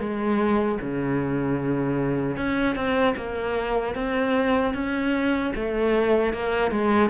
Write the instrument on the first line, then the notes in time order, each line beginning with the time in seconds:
cello
0.00 G#3
0.82 C#3
2.38 C#4
2.76 C4
3.17 A#3
3.95 C4
4.74 C#4
5.56 A3
6.33 A#3
6.71 G#3